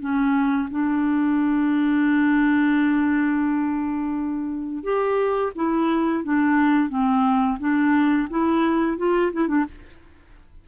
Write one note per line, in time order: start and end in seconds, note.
0.00 0.69 C#4
0.71 4.83 D4
4.83 5.52 G4
5.55 6.24 E4
6.24 6.89 D4
6.89 7.58 C4
7.60 8.29 D4
8.30 8.97 E4
8.97 9.32 F4
9.33 9.48 E4
9.48 9.65 D4